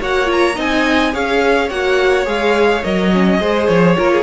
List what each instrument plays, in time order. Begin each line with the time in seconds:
0.00 cello A#3, viola F#4, violin C#5 F#5
0.25 viola F4
0.32 violin A#5
0.55 cello C4, viola D#4, violin D#5 G#5
1.12 cello C#4, viola G#4, violin C#5 F5
1.69 cello A#3, viola F#4, violin F#5
2.25 cello G#3, viola G#4, violin F5
2.83 cello F#3, viola A#4, violin D#5
3.13 viola C#4
3.40 cello G#3, viola G#4, violin C5
3.67 cello F3, violin C#5
3.97 cello A#3, viola F4, violin A#4
4.12 violin G#4